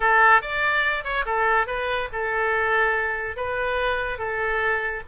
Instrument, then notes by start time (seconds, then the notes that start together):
oboe
0.00 A4
0.41 D5
1.04 C#5
1.25 A4
1.66 B4
2.12 A4
3.36 B4
4.18 A4